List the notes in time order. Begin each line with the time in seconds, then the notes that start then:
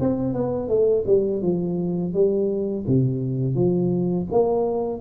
0.00 C4
0.33 B3
0.68 A3
1.06 G3
1.42 F3
2.13 G3
2.87 C3
3.55 F3
4.31 A#3